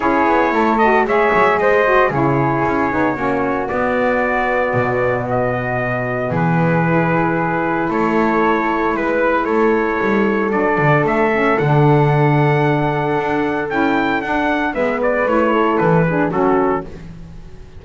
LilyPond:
<<
  \new Staff \with { instrumentName = "trumpet" } { \time 4/4 \tempo 4 = 114 cis''4. dis''8 e''4 dis''4 | cis''2. d''4~ | d''2 dis''2 | b'2. cis''4~ |
cis''4 b'4 cis''2 | d''4 e''4 fis''2~ | fis''2 g''4 fis''4 | e''8 d''8 cis''4 b'4 a'4 | }
  \new Staff \with { instrumentName = "flute" } { \time 4/4 gis'4 a'4 cis''4 c''4 | gis'2 fis'2~ | fis'1 | gis'2. a'4~ |
a'4 b'4 a'2~ | a'1~ | a'1 | b'4. a'4 gis'8 fis'4 | }
  \new Staff \with { instrumentName = "saxophone" } { \time 4/4 e'4. fis'8 gis'4. fis'8 | e'4. dis'8 cis'4 b4~ | b1~ | b4 e'2.~ |
e'1 | d'4. cis'8 d'2~ | d'2 e'4 d'4 | b4 e'4. d'8 cis'4 | }
  \new Staff \with { instrumentName = "double bass" } { \time 4/4 cis'8 b8 a4 gis8 fis8 gis4 | cis4 cis'8 b8 ais4 b4~ | b4 b,2. | e2. a4~ |
a4 gis4 a4 g4 | fis8 d8 a4 d2~ | d4 d'4 cis'4 d'4 | gis4 a4 e4 fis4 | }
>>